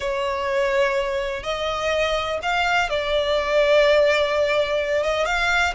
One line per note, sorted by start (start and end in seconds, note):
0.00 1.43 C#5
1.43 2.39 D#5
2.42 2.89 F5
2.89 5.02 D5
5.02 5.25 D#5
5.25 5.73 F5